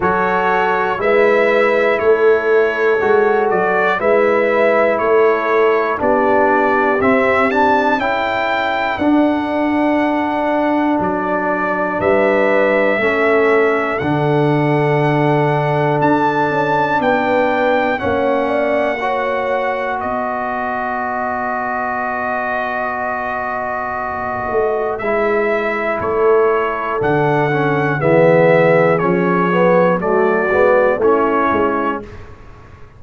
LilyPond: <<
  \new Staff \with { instrumentName = "trumpet" } { \time 4/4 \tempo 4 = 60 cis''4 e''4 cis''4. d''8 | e''4 cis''4 d''4 e''8 a''8 | g''4 fis''2 d''4 | e''2 fis''2 |
a''4 g''4 fis''2 | dis''1~ | dis''4 e''4 cis''4 fis''4 | e''4 cis''4 d''4 cis''4 | }
  \new Staff \with { instrumentName = "horn" } { \time 4/4 a'4 b'4 a'2 | b'4 a'4 g'2 | a'1 | b'4 a'2.~ |
a'4 b'4 cis''8 d''8 cis''4 | b'1~ | b'2 a'2 | gis'2 fis'4 e'4 | }
  \new Staff \with { instrumentName = "trombone" } { \time 4/4 fis'4 e'2 fis'4 | e'2 d'4 c'8 d'8 | e'4 d'2.~ | d'4 cis'4 d'2~ |
d'2 cis'4 fis'4~ | fis'1~ | fis'4 e'2 d'8 cis'8 | b4 cis'8 b8 a8 b8 cis'4 | }
  \new Staff \with { instrumentName = "tuba" } { \time 4/4 fis4 gis4 a4 gis8 fis8 | gis4 a4 b4 c'4 | cis'4 d'2 fis4 | g4 a4 d2 |
d'8 cis'8 b4 ais2 | b1~ | b8 a8 gis4 a4 d4 | e4 f4 fis8 gis8 a8 gis8 | }
>>